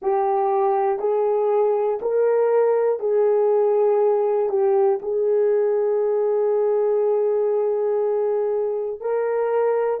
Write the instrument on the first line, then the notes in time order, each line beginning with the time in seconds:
horn
0.01 G4
0.99 G#4
2.01 A#4
3.00 G#4
4.49 G4
5.01 G#4
9.00 A#4